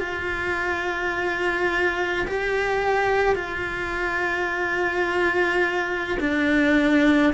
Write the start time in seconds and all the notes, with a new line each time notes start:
0.00 F4
2.27 G4
3.35 F4
6.20 D4